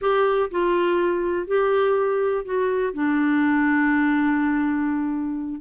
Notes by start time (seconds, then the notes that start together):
0.01 G4
0.50 F4
1.47 G4
2.45 F#4
2.93 D4